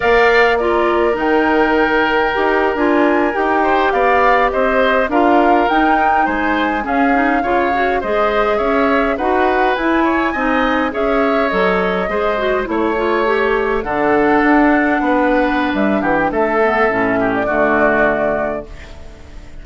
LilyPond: <<
  \new Staff \with { instrumentName = "flute" } { \time 4/4 \tempo 4 = 103 f''4 d''4 g''2~ | g''8. gis''4 g''4 f''4 dis''16~ | dis''8. f''4 g''4 gis''4 f''16~ | f''4.~ f''16 dis''4 e''4 fis''16~ |
fis''8. gis''2 e''4 dis''16~ | dis''4.~ dis''16 cis''2 fis''16~ | fis''2. e''8 fis''16 g''16 | e''4.~ e''16 d''2~ d''16 | }
  \new Staff \with { instrumentName = "oboe" } { \time 4/4 d''4 ais'2.~ | ais'2~ ais'16 c''8 d''4 c''16~ | c''8. ais'2 c''4 gis'16~ | gis'8. cis''4 c''4 cis''4 b'16~ |
b'4~ b'16 cis''8 dis''4 cis''4~ cis''16~ | cis''8. c''4 cis''2 a'16~ | a'4.~ a'16 b'4.~ b'16 g'8 | a'4. g'8 fis'2 | }
  \new Staff \with { instrumentName = "clarinet" } { \time 4/4 ais'4 f'4 dis'2 | g'8. f'4 g'2~ g'16~ | g'8. f'4 dis'2 cis'16~ | cis'16 dis'8 f'8 fis'8 gis'2 fis'16~ |
fis'8. e'4 dis'4 gis'4 a'16~ | a'8. gis'8 fis'8 e'8 f'8 g'4 d'16~ | d'1~ | d'8 b8 cis'4 a2 | }
  \new Staff \with { instrumentName = "bassoon" } { \time 4/4 ais2 dis2 | dis'8. d'4 dis'4 b4 c'16~ | c'8. d'4 dis'4 gis4 cis'16~ | cis'8. cis4 gis4 cis'4 dis'16~ |
dis'8. e'4 c'4 cis'4 fis16~ | fis8. gis4 a2 d16~ | d8. d'4 b4~ b16 g8 e8 | a4 a,4 d2 | }
>>